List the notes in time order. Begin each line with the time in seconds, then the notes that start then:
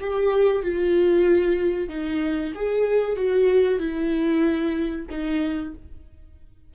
0.00 G4
0.62 F4
1.89 D#4
2.55 G#4
3.16 F#4
3.79 E4
5.10 D#4